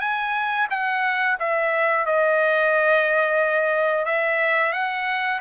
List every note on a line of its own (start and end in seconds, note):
0.00 0.67 G#5
0.70 1.37 F#5
1.39 2.05 E5
2.05 4.05 D#5
4.05 4.72 E5
4.73 5.40 F#5